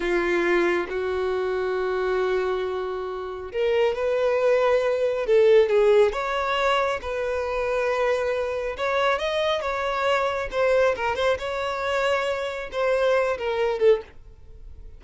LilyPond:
\new Staff \with { instrumentName = "violin" } { \time 4/4 \tempo 4 = 137 f'2 fis'2~ | fis'1 | ais'4 b'2. | a'4 gis'4 cis''2 |
b'1 | cis''4 dis''4 cis''2 | c''4 ais'8 c''8 cis''2~ | cis''4 c''4. ais'4 a'8 | }